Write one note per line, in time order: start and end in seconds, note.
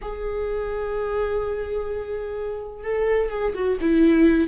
0.01 2.84 G#4
2.84 3.30 A4
3.30 3.53 G#4
3.54 3.78 F#4
3.81 4.48 E4